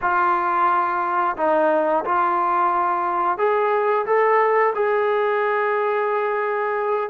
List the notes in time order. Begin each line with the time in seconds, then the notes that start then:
0.01 F4
1.37 D#4
2.04 F4
3.38 G#4
4.06 A4
4.74 G#4